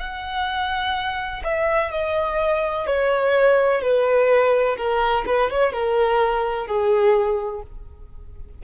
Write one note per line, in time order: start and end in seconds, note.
0.00 1.43 F#5
1.44 1.91 E5
1.91 2.87 D#5
2.87 3.82 C#5
3.82 4.77 B4
4.77 5.25 A#4
5.26 5.50 B4
5.51 5.73 C#5
5.73 6.67 A#4
6.67 7.62 G#4